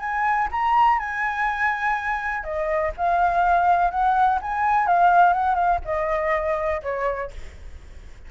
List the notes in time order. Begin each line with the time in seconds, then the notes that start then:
0.00 G#5
0.52 A#5
0.99 G#5
2.44 D#5
2.98 F5
3.91 F#5
4.42 G#5
4.87 F5
5.34 F#5
5.55 F5
5.85 D#5
6.83 C#5